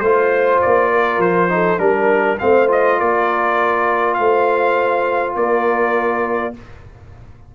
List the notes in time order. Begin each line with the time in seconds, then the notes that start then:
0.00 A3 F4 C5
0.62 A#3 D5
0.91 A#4
1.18 F3 C5
1.49 D#4 A4
1.78 G3 D4 A#4
2.39 A3 C4 C5 F5
2.67 F4 D#5
2.98 A#3 A#4 D5
4.14 A3 C5 F5
5.35 A#3 A#4 D5